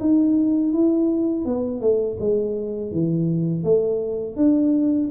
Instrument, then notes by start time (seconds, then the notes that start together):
tuba
0.00 D#4
0.73 E4
1.45 B3
1.81 A3
2.20 G#3
2.91 E3
3.64 A3
4.36 D4